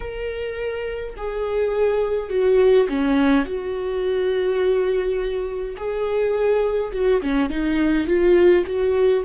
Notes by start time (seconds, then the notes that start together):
0.00 A#4
1.16 G#4
2.29 F#4
2.88 C#4
3.45 F#4
5.76 G#4
6.92 F#4
7.21 C#4
7.49 D#4
8.07 F4
8.66 F#4